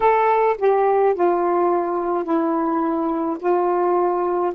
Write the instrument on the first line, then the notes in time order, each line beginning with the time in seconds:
saxophone
0.00 A4
0.58 G4
1.14 F4
2.24 E4
3.39 F4